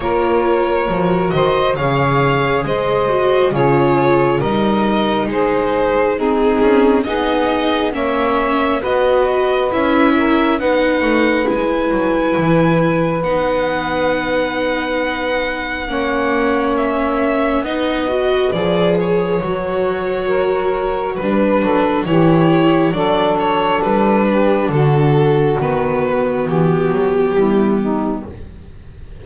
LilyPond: <<
  \new Staff \with { instrumentName = "violin" } { \time 4/4 \tempo 4 = 68 cis''4. dis''8 f''4 dis''4 | cis''4 dis''4 c''4 gis'4 | dis''4 e''4 dis''4 e''4 | fis''4 gis''2 fis''4~ |
fis''2. e''4 | dis''4 d''8 cis''2~ cis''8 | b'4 cis''4 d''8 cis''8 b'4 | a'4 b'4 g'2 | }
  \new Staff \with { instrumentName = "saxophone" } { \time 4/4 ais'4. c''8 cis''4 c''4 | gis'4 ais'4 gis'4 dis'4 | gis'4 cis''4 b'4. ais'8 | b'1~ |
b'2 cis''2 | b'2. ais'4 | b'8 a'8 g'4 a'4. g'8 | fis'2. e'8 dis'8 | }
  \new Staff \with { instrumentName = "viola" } { \time 4/4 f'4 fis'4 gis'4. fis'8 | f'4 dis'2 c'4 | dis'4 cis'4 fis'4 e'4 | dis'4 e'2 dis'4~ |
dis'2 cis'2 | dis'8 fis'8 gis'4 fis'2 | d'4 e'4 d'2~ | d'4 b2. | }
  \new Staff \with { instrumentName = "double bass" } { \time 4/4 ais4 f8 dis8 cis4 gis4 | cis4 g4 gis4. cis'8 | b4 ais4 b4 cis'4 | b8 a8 gis8 fis8 e4 b4~ |
b2 ais2 | b4 f4 fis2 | g8 fis8 e4 fis4 g4 | d4 dis4 e8 fis8 g4 | }
>>